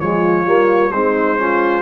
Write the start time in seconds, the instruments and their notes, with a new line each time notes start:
0.00 tuba F3, trombone G#3, horn F4, trumpet C#5
0.45 tuba G3, trombone A#3
0.92 tuba G#3, trombone C4, horn D#4, trumpet C5
1.37 trombone C#4, horn F4